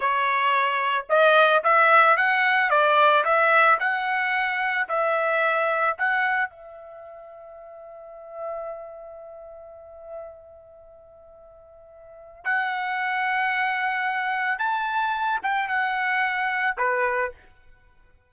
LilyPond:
\new Staff \with { instrumentName = "trumpet" } { \time 4/4 \tempo 4 = 111 cis''2 dis''4 e''4 | fis''4 d''4 e''4 fis''4~ | fis''4 e''2 fis''4 | e''1~ |
e''1~ | e''2. fis''4~ | fis''2. a''4~ | a''8 g''8 fis''2 b'4 | }